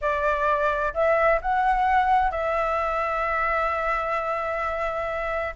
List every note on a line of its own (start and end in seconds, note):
0.01 0.93 D5
0.94 1.40 E5
1.41 2.31 F#5
2.31 5.54 E5